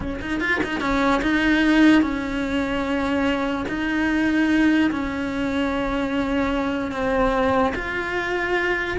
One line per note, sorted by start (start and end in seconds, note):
0.00 0.20 C#4
0.21 0.40 D#4
0.40 0.60 F4
0.63 0.80 D#4
0.80 1.21 C#4
1.22 2.02 D#4
2.02 3.65 C#4
3.68 4.90 D#4
4.91 6.91 C#4
6.91 7.73 C4
7.75 8.97 F4